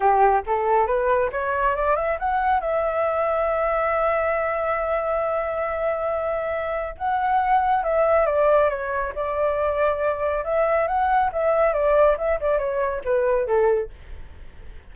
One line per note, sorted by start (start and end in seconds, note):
0.00 0.42 G4
0.46 0.86 A4
0.86 1.30 B4
1.32 1.75 C#5
1.75 1.96 D5
1.96 2.17 E5
2.19 2.60 F#5
2.60 6.95 E5
6.97 7.83 F#5
7.83 8.26 E5
8.26 8.69 D5
8.69 9.13 C#5
9.15 10.44 D5
10.44 10.87 E5
10.87 11.30 F#5
11.32 11.73 E5
11.73 12.16 D5
12.17 12.39 E5
12.40 12.58 D5
12.58 13.02 C#5
13.04 13.46 B4
13.46 13.90 A4